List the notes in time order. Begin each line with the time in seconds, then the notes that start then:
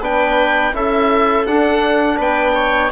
0.00 B3 D4 B4 G5
0.73 C#4 E4 A4 E5
1.46 D4 F#5
2.17 B3 B4 G5
2.55 C#5